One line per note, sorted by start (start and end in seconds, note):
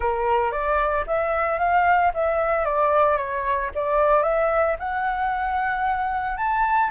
0.00 0.51 A#4
0.51 1.04 D5
1.06 1.59 E5
1.59 2.12 F5
2.14 2.65 E5
2.65 3.17 D5
3.17 3.70 C#5
3.75 4.22 D5
4.22 4.75 E5
4.79 6.37 F#5
6.37 6.90 A5